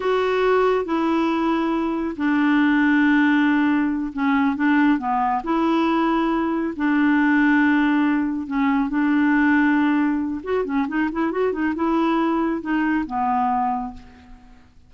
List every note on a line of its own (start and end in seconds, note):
0.00 0.85 F#4
0.85 2.15 E4
2.16 4.12 D4
4.12 4.56 C#4
4.56 4.98 D4
4.98 5.42 B3
5.43 6.74 E4
6.76 8.46 D4
8.46 8.89 C#4
8.89 10.41 D4
10.43 10.64 F#4
10.64 10.86 C#4
10.88 11.09 D#4
11.11 11.31 E4
11.31 11.52 F#4
11.52 11.74 D#4
11.75 12.61 E4
12.61 13.04 D#4
13.06 13.93 B3